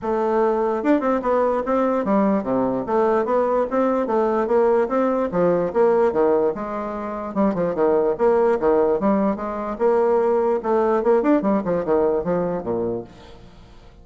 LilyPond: \new Staff \with { instrumentName = "bassoon" } { \time 4/4 \tempo 4 = 147 a2 d'8 c'8 b4 | c'4 g4 c4 a4 | b4 c'4 a4 ais4 | c'4 f4 ais4 dis4 |
gis2 g8 f8 dis4 | ais4 dis4 g4 gis4 | ais2 a4 ais8 d'8 | g8 f8 dis4 f4 ais,4 | }